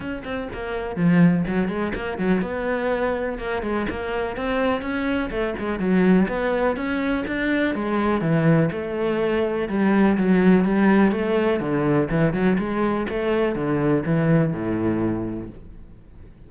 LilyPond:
\new Staff \with { instrumentName = "cello" } { \time 4/4 \tempo 4 = 124 cis'8 c'8 ais4 f4 fis8 gis8 | ais8 fis8 b2 ais8 gis8 | ais4 c'4 cis'4 a8 gis8 | fis4 b4 cis'4 d'4 |
gis4 e4 a2 | g4 fis4 g4 a4 | d4 e8 fis8 gis4 a4 | d4 e4 a,2 | }